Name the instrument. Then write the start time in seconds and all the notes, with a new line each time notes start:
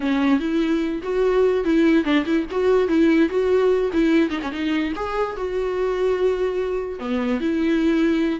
viola
0.00 C#4
0.39 E4
1.02 F#4
1.64 E4
2.04 D4
2.25 E4
2.50 F#4
2.88 E4
3.29 F#4
3.92 E4
4.29 D#4
4.42 C#4
4.51 D#4
4.95 G#4
5.36 F#4
6.99 B3
7.40 E4